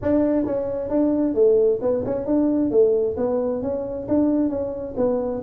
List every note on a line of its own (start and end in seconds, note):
0.02 0.45 D4
0.45 0.89 C#4
0.89 1.34 D4
1.34 1.79 A3
1.81 2.04 B3
2.05 2.25 C#4
2.25 2.70 D4
2.70 3.16 A3
3.17 3.62 B3
3.62 4.07 C#4
4.08 4.49 D4
4.49 4.94 C#4
4.96 5.42 B3